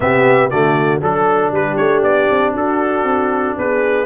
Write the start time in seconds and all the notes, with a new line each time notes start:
0.00 C3 B3 G4 E5
0.50 D3 A3 F#4 D5
1.01 F#3 D4 A4
1.51 G3 G4 B4
1.76 A3 C#5
2.02 B3 D5
2.30 C4
2.54 D4 F#4 A4
3.03 C4
3.57 B3 G#4 B4